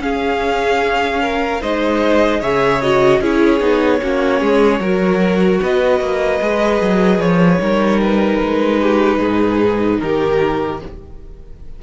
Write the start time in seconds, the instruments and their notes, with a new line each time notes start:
0.00 cello C#4, viola C#4, violin G#4 F5
1.22 violin A#4
1.61 cello G#3, viola D#4, violin C5 D#5
2.40 cello C#3, viola G#4, violin C#5 E5
2.82 viola F#4, violin D#5
3.21 cello C#4, viola E4, violin G#4 C#5
3.60 cello B3, viola D#4
4.02 cello A#3, viola C#4, violin F#4
4.40 cello G#3, violin G#4
4.80 cello F#3, viola F#4, violin A#4
5.62 cello B3, violin B4 D#5
6.01 cello A#3
6.42 cello G#3, viola G#4
6.82 cello F#3
7.19 cello F3, violin C#5
7.59 cello G3, viola D#4, violin A#4
8.02 violin B4
8.43 cello G#3
8.81 violin G4
9.19 cello G#2, violin G#4
10.00 cello D#3, violin G4 A#4